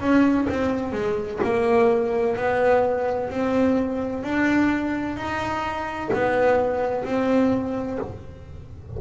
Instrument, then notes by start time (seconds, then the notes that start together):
double bass
0.00 C#4
0.49 C4
0.92 G#3
1.44 A#3
2.36 B3
3.29 C4
4.23 D4
5.16 D#4
6.13 B3
7.04 C4